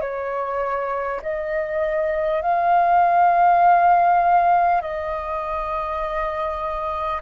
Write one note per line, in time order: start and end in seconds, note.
0.00 1.20 C#5
1.22 2.42 D#5
2.42 4.81 F5
4.81 7.21 D#5